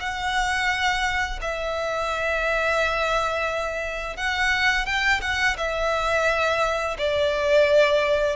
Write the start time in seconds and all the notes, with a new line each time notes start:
0.00 F#5
1.42 E5
4.17 F#5
4.86 G5
5.22 F#5
5.58 E5
6.98 D5